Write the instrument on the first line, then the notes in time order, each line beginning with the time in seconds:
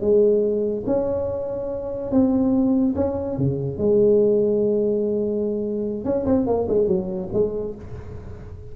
tuba
0.00 G#3
0.86 C#4
2.11 C4
2.95 C#4
3.37 C#3
3.77 G#3
6.04 C#4
6.26 C4
6.46 A#3
6.68 G#3
6.87 F#3
7.33 G#3